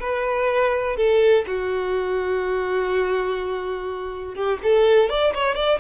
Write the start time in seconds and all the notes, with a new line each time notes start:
0.00 B4
0.96 A4
1.47 F#4
4.35 G4
4.63 A4
5.09 D5
5.34 C#5
5.55 D5